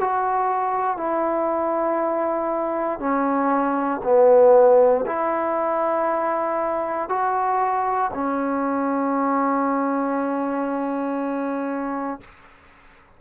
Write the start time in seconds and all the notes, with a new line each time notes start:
0.00 F#4
0.97 E4
3.00 C#4
4.04 B3
5.07 E4
7.10 F#4
8.14 C#4